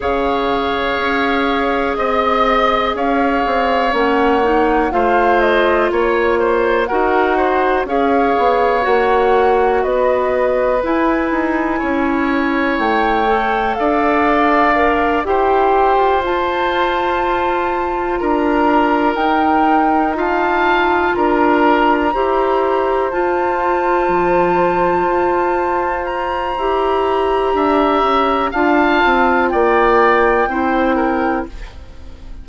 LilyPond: <<
  \new Staff \with { instrumentName = "flute" } { \time 4/4 \tempo 4 = 61 f''2 dis''4 f''4 | fis''4 f''8 dis''8 cis''4 fis''4 | f''4 fis''4 dis''4 gis''4~ | gis''4 g''4 f''4. g''8~ |
g''8 a''2 ais''4 g''8~ | g''8 a''4 ais''2 a''8~ | a''2~ a''8 ais''4.~ | ais''4 a''4 g''2 | }
  \new Staff \with { instrumentName = "oboe" } { \time 4/4 cis''2 dis''4 cis''4~ | cis''4 c''4 cis''8 c''8 ais'8 c''8 | cis''2 b'2 | cis''2 d''4. c''8~ |
c''2~ c''8 ais'4.~ | ais'8 f''4 ais'4 c''4.~ | c''1 | e''4 f''4 d''4 c''8 ais'8 | }
  \new Staff \with { instrumentName = "clarinet" } { \time 4/4 gis'1 | cis'8 dis'8 f'2 fis'4 | gis'4 fis'2 e'4~ | e'4. a'4. ais'8 g'8~ |
g'8 f'2. dis'8~ | dis'8 f'2 g'4 f'8~ | f'2. g'4~ | g'4 f'2 e'4 | }
  \new Staff \with { instrumentName = "bassoon" } { \time 4/4 cis4 cis'4 c'4 cis'8 c'8 | ais4 a4 ais4 dis'4 | cis'8 b8 ais4 b4 e'8 dis'8 | cis'4 a4 d'4. e'8~ |
e'16 f'2~ f'16 d'4 dis'8~ | dis'4. d'4 e'4 f'8~ | f'8 f4 f'4. e'4 | d'8 cis'8 d'8 c'8 ais4 c'4 | }
>>